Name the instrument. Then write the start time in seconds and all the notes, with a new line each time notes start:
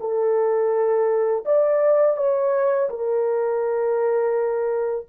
horn
0.00 A4
1.46 D5
2.17 C#5
2.90 A#4